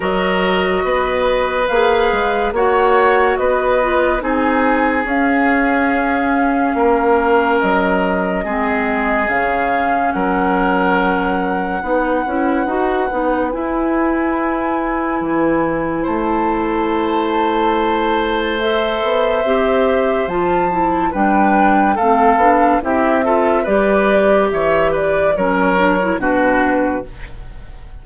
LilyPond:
<<
  \new Staff \with { instrumentName = "flute" } { \time 4/4 \tempo 4 = 71 dis''2 f''4 fis''4 | dis''4 gis''4 f''2~ | f''4 dis''2 f''4 | fis''1 |
gis''2. a''4~ | a''2 e''2 | a''4 g''4 f''4 e''4 | d''4 e''8 d''8 cis''4 b'4 | }
  \new Staff \with { instrumentName = "oboe" } { \time 4/4 ais'4 b'2 cis''4 | b'4 gis'2. | ais'2 gis'2 | ais'2 b'2~ |
b'2. c''4~ | c''1~ | c''4 b'4 a'4 g'8 a'8 | b'4 cis''8 b'8 ais'4 fis'4 | }
  \new Staff \with { instrumentName = "clarinet" } { \time 4/4 fis'2 gis'4 fis'4~ | fis'8 f'8 dis'4 cis'2~ | cis'2 c'4 cis'4~ | cis'2 dis'8 e'8 fis'8 dis'8 |
e'1~ | e'2 a'4 g'4 | f'8 e'8 d'4 c'8 d'8 e'8 f'8 | g'2 cis'8 d'16 e'16 d'4 | }
  \new Staff \with { instrumentName = "bassoon" } { \time 4/4 fis4 b4 ais8 gis8 ais4 | b4 c'4 cis'2 | ais4 fis4 gis4 cis4 | fis2 b8 cis'8 dis'8 b8 |
e'2 e4 a4~ | a2~ a8 b8 c'4 | f4 g4 a8 b8 c'4 | g4 e4 fis4 b,4 | }
>>